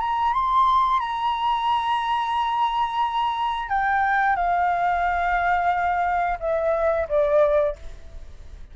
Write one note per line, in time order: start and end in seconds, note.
0.00 0.34 A#5
0.34 1.00 C6
1.00 3.69 A#5
3.69 4.36 G5
4.36 6.38 F5
6.40 7.08 E5
7.09 7.76 D5